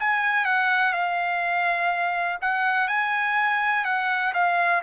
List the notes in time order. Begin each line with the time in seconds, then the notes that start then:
0.00 G#5
0.45 F#5
0.93 F5
2.41 F#5
2.88 G#5
3.85 F#5
4.34 F5